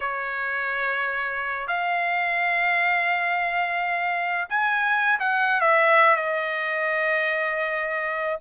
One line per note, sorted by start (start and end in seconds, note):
0.00 1.67 C#5
1.67 4.48 F5
4.49 5.19 G#5
5.19 5.60 F#5
5.60 6.15 E5
6.15 8.40 D#5